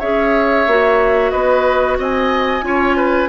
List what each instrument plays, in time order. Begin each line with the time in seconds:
0.00 bassoon C#4, clarinet G#4, oboe C#5, flute E5
0.67 bassoon A#3, clarinet F#4
1.31 bassoon B3, oboe B4, flute D#5
1.99 bassoon C4, oboe D#5, flute G#5
2.62 bassoon C#4, clarinet F4, oboe C#5
2.97 oboe B4